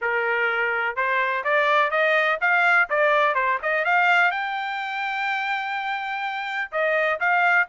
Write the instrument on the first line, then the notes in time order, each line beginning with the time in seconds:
trumpet
0.01 A#4
0.95 C5
1.44 D5
1.90 D#5
2.40 F5
2.89 D5
3.35 C5
3.62 D#5
3.84 F5
4.31 G5
6.71 D#5
7.20 F5